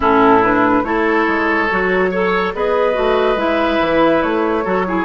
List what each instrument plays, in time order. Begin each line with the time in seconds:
0.00 bassoon A2, clarinet C#4, oboe E4, flute A4
0.43 clarinet D4, flute B4
0.83 bassoon A3, clarinet E4, oboe A4, flute C#5
1.27 bassoon G#3
1.70 bassoon F#3, clarinet F#4
2.11 clarinet A4, oboe C#5
2.54 bassoon B3, clarinet G#4, oboe B4, flute D#5
2.93 bassoon A3, clarinet F#4
3.35 bassoon G#3, clarinet E4, flute E5
3.80 bassoon E3
4.22 bassoon A3, flute C#5
4.64 bassoon F#3, clarinet F#4, oboe A4
4.87 clarinet E4, oboe G#4